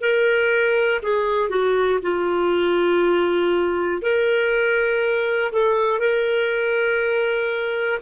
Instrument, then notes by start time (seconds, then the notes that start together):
clarinet
0.00 A#4
1.02 G#4
1.49 F#4
2.02 F4
4.01 A#4
5.52 A4
5.99 A#4